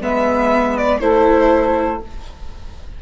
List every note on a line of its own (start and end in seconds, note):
0.00 1.00 G#3
0.00 1.00 B3
0.00 1.00 B4
0.00 0.77 E5
0.77 1.00 D5
1.00 2.00 A3
1.00 2.00 E4
1.00 2.02 A4
1.00 2.00 C5